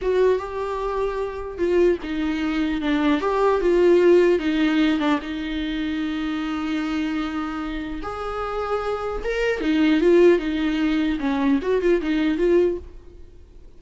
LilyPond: \new Staff \with { instrumentName = "viola" } { \time 4/4 \tempo 4 = 150 fis'4 g'2. | f'4 dis'2 d'4 | g'4 f'2 dis'4~ | dis'8 d'8 dis'2.~ |
dis'1 | gis'2. ais'4 | dis'4 f'4 dis'2 | cis'4 fis'8 f'8 dis'4 f'4 | }